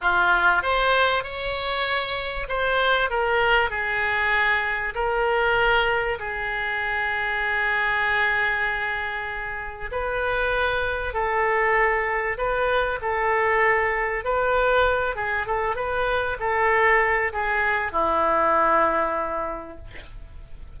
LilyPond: \new Staff \with { instrumentName = "oboe" } { \time 4/4 \tempo 4 = 97 f'4 c''4 cis''2 | c''4 ais'4 gis'2 | ais'2 gis'2~ | gis'1 |
b'2 a'2 | b'4 a'2 b'4~ | b'8 gis'8 a'8 b'4 a'4. | gis'4 e'2. | }